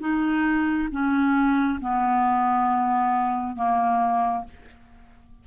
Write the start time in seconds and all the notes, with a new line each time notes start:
0.00 D#4
0.91 C#4
1.80 B3
3.56 A#3